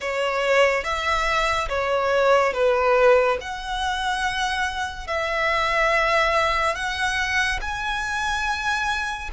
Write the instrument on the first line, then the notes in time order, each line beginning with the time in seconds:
violin
0.00 C#5
0.83 E5
1.69 C#5
2.53 B4
3.40 F#5
5.07 E5
6.75 F#5
7.61 G#5